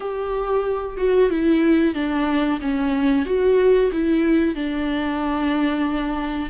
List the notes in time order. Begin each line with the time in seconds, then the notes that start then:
0.00 G4
0.97 F#4
1.30 E4
1.94 D4
2.61 C#4
3.25 F#4
3.92 E4
4.55 D4